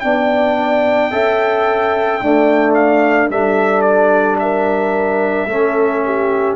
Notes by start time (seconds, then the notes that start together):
0.00 B3 D4 D5 G5
1.11 C#4 A4 E5
2.21 A3 D4 D5
2.74 F5
3.29 G3 D4 A4 E5
3.82 D5
4.39 A#4 E5
5.46 A3 C#4 A4
6.05 G4